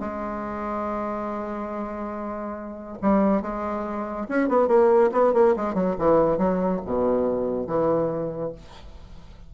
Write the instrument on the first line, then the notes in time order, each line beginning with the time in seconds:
bassoon
0.00 G#3
3.02 G3
3.42 G#3
4.29 C#4
4.49 B3
4.68 A#3
5.12 B3
5.34 A#3
5.56 G#3
5.75 F#3
5.99 E3
6.38 F#3
6.86 B2
7.68 E3